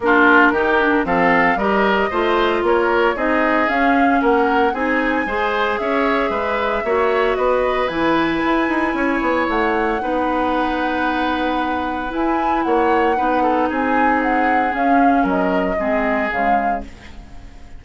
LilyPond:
<<
  \new Staff \with { instrumentName = "flute" } { \time 4/4 \tempo 4 = 114 ais'2 f''4 dis''4~ | dis''4 cis''4 dis''4 f''4 | fis''4 gis''2 e''4~ | e''2 dis''4 gis''4~ |
gis''2 fis''2~ | fis''2. gis''4 | fis''2 gis''4 fis''4 | f''4 dis''2 f''4 | }
  \new Staff \with { instrumentName = "oboe" } { \time 4/4 f'4 g'4 a'4 ais'4 | c''4 ais'4 gis'2 | ais'4 gis'4 c''4 cis''4 | b'4 cis''4 b'2~ |
b'4 cis''2 b'4~ | b'1 | cis''4 b'8 a'8 gis'2~ | gis'4 ais'4 gis'2 | }
  \new Staff \with { instrumentName = "clarinet" } { \time 4/4 d'4 dis'8 d'8 c'4 g'4 | f'2 dis'4 cis'4~ | cis'4 dis'4 gis'2~ | gis'4 fis'2 e'4~ |
e'2. dis'4~ | dis'2. e'4~ | e'4 dis'2. | cis'2 c'4 gis4 | }
  \new Staff \with { instrumentName = "bassoon" } { \time 4/4 ais4 dis4 f4 g4 | a4 ais4 c'4 cis'4 | ais4 c'4 gis4 cis'4 | gis4 ais4 b4 e4 |
e'8 dis'8 cis'8 b8 a4 b4~ | b2. e'4 | ais4 b4 c'2 | cis'4 fis4 gis4 cis4 | }
>>